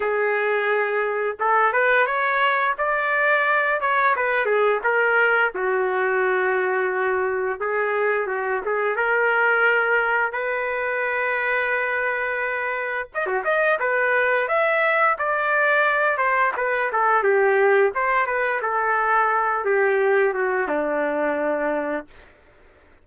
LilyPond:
\new Staff \with { instrumentName = "trumpet" } { \time 4/4 \tempo 4 = 87 gis'2 a'8 b'8 cis''4 | d''4. cis''8 b'8 gis'8 ais'4 | fis'2. gis'4 | fis'8 gis'8 ais'2 b'4~ |
b'2. dis''16 fis'16 dis''8 | b'4 e''4 d''4. c''8 | b'8 a'8 g'4 c''8 b'8 a'4~ | a'8 g'4 fis'8 d'2 | }